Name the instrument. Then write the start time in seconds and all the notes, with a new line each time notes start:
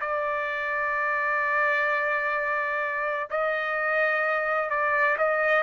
trumpet
0.00 D5
3.30 D#5
4.70 D5
5.18 D#5